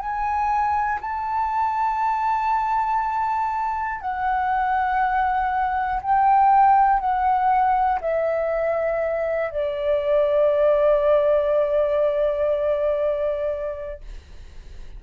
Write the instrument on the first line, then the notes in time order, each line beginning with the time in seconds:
flute
0.00 G#5
1.01 A5
4.01 F#5
6.02 G5
7.00 F#5
8.01 E5
9.51 D5